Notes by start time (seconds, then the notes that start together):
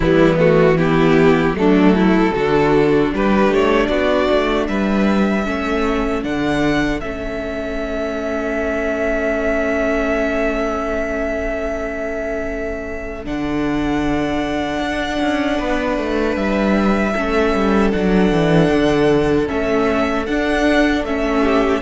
0.00 E3 G3 B3 E4
0.37 A3 F#4
0.77 B3 E4 G4
1.53 F#3 A3 D4 A4
1.95 E4
2.34 D3 D4 F#4
3.13 G3 G4 B4
3.49 A3 C#5
3.87 B3 F#4 D5
4.30 A3
4.68 G3 B4 E5
5.44 A3 C#4 A4
6.23 D3 D4 F#5
7.00 A3 C#4 E5
13.24 D3 D4 F#5
14.79 D4
15.21 C#4
15.58 B3 B4
15.97 A3
16.35 G3 E5
17.13 A3 C#4 A4
17.54 G3
17.92 F#3 D4 F#5
18.31 E3
18.70 D3
19.46 A3 C#4 E5
20.26 D4 F#5
21.04 A3 C#4 E5
21.43 G4